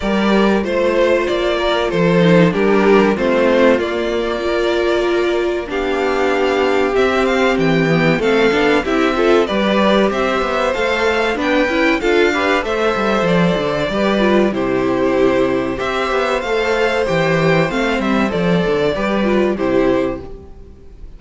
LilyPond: <<
  \new Staff \with { instrumentName = "violin" } { \time 4/4 \tempo 4 = 95 d''4 c''4 d''4 c''4 | ais'4 c''4 d''2~ | d''4 f''2 e''8 f''8 | g''4 f''4 e''4 d''4 |
e''4 f''4 g''4 f''4 | e''4 d''2 c''4~ | c''4 e''4 f''4 g''4 | f''8 e''8 d''2 c''4 | }
  \new Staff \with { instrumentName = "violin" } { \time 4/4 ais'4 c''4. ais'8 a'4 | g'4 f'2 ais'4~ | ais'4 g'2.~ | g'4 a'4 g'8 a'8 b'4 |
c''2 b'4 a'8 b'8 | c''2 b'4 g'4~ | g'4 c''2.~ | c''2 b'4 g'4 | }
  \new Staff \with { instrumentName = "viola" } { \time 4/4 g'4 f'2~ f'8 dis'8 | d'4 c'4 ais4 f'4~ | f'4 d'2 c'4~ | c'8 b8 c'8 d'8 e'8 f'8 g'4~ |
g'4 a'4 d'8 e'8 f'8 g'8 | a'2 g'8 f'8 e'4~ | e'4 g'4 a'4 g'4 | c'4 a'4 g'8 f'8 e'4 | }
  \new Staff \with { instrumentName = "cello" } { \time 4/4 g4 a4 ais4 f4 | g4 a4 ais2~ | ais4 b2 c'4 | e4 a8 b8 c'4 g4 |
c'8 b8 a4 b8 cis'8 d'4 | a8 g8 f8 d8 g4 c4~ | c4 c'8 b8 a4 e4 | a8 g8 f8 d8 g4 c4 | }
>>